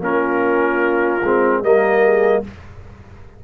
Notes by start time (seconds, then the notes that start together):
0.00 A#3 C#4 F4 A#4
1.22 G#3 C4
1.62 G3 A#3 A#4 D#5
2.03 G#4